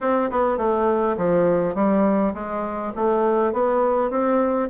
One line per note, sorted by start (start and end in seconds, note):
0.01 0.30 C4
0.30 0.57 B3
0.57 1.16 A3
1.17 1.74 F3
1.74 2.33 G3
2.34 2.93 G#3
2.95 3.53 A3
3.53 4.10 B3
4.10 4.69 C4